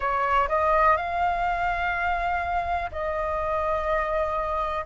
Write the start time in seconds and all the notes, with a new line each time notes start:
0.00 C#5
0.48 D#5
0.96 F5
2.91 D#5